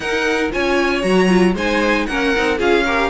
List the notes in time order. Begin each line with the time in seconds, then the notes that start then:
0.00 D#4 A#4 F#5
0.51 C#4 F4 C#5 G#5
1.02 F#3 F#4 A#5
1.27 F4
1.54 G#3 D#4 C5 G#5
2.06 A#3 C#4 A#4 F#5
2.35 C4 D#4
2.58 C#4 F4 G#4 F5
2.85 G4 A#4